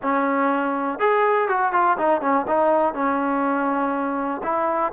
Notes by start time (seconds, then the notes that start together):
0.02 C#4
0.99 G#4
1.48 F#4
1.72 F4
1.98 D#4
2.21 C#4
2.47 D#4
2.94 C#4
4.43 E4